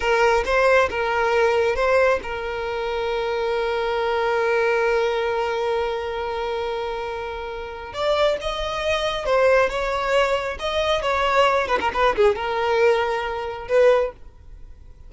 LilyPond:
\new Staff \with { instrumentName = "violin" } { \time 4/4 \tempo 4 = 136 ais'4 c''4 ais'2 | c''4 ais'2.~ | ais'1~ | ais'1~ |
ais'2 d''4 dis''4~ | dis''4 c''4 cis''2 | dis''4 cis''4. b'16 ais'16 b'8 gis'8 | ais'2. b'4 | }